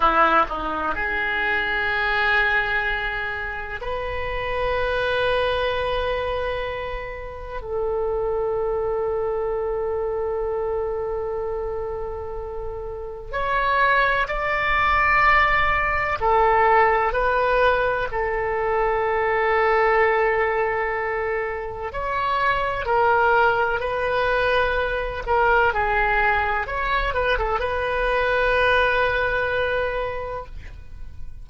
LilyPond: \new Staff \with { instrumentName = "oboe" } { \time 4/4 \tempo 4 = 63 e'8 dis'8 gis'2. | b'1 | a'1~ | a'2 cis''4 d''4~ |
d''4 a'4 b'4 a'4~ | a'2. cis''4 | ais'4 b'4. ais'8 gis'4 | cis''8 b'16 a'16 b'2. | }